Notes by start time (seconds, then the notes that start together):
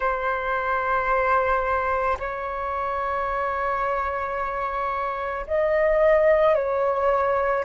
0.00 C5
2.19 C#5
5.46 D#5
6.55 C#5